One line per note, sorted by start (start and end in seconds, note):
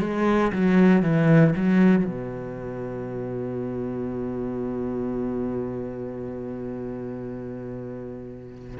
0.00 0.52 G#3
0.52 1.02 F#3
1.02 1.54 E3
1.56 2.05 F#3
2.05 8.77 B2